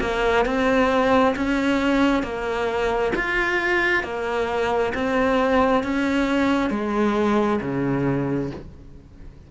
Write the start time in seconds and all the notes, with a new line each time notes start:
0.00 A#3
0.45 C4
1.36 C#4
2.23 A#3
3.15 F4
4.03 A#3
4.94 C4
5.83 C#4
6.70 G#3
7.61 C#3